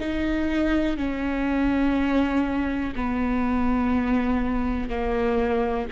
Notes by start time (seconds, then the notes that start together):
0.00 D#4
0.97 C#4
2.96 B3
4.90 A#3